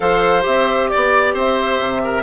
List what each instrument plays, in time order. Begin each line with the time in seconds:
0.00 bassoon F3, clarinet A4, oboe C5, flute F5
0.41 bassoon C4, clarinet G4, flute E5
0.88 flute D5, oboe D5
0.95 bassoon B3
1.33 bassoon C4, oboe C5, flute E5
1.79 bassoon C3
2.04 oboe A#4